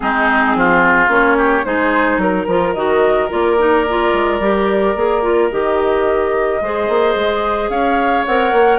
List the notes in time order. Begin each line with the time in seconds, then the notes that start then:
0.00 G#3 C4 D#4 G#4
0.55 F3 F4
1.08 A#3 C#4 C#5
1.37 G4
1.64 G#3 D#4 G#4 C5
2.17 F#3 A#4
2.47 F3 F4
2.73 D#3 F#4 D#5
3.29 A#3 F4 D5
3.58 D#4
3.89 F4
4.13 G#3
4.39 G3 G4
4.95 A#3 G#4
5.22 F4
5.50 D#3 G4 D#5
6.61 G#3 G#4 C5
6.88 A#3
7.14 G#3
7.69 C#4 C#5 F5
8.25 C4 A#4 F#5
8.52 A#3